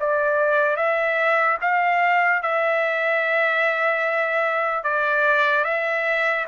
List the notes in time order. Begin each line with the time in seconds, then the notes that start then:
0.00 D5
0.76 E5
1.61 F5
2.42 E5
4.83 D5
5.64 E5